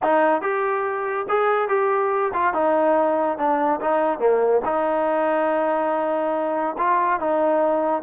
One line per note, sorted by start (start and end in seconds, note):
0.02 0.41 D#4
0.41 1.26 G4
1.28 1.68 G#4
1.68 2.31 G4
2.33 2.53 F4
2.53 3.37 D#4
3.37 3.80 D4
3.80 4.19 D#4
4.19 4.61 A#3
4.64 6.76 D#4
6.78 7.20 F4
7.20 8.02 D#4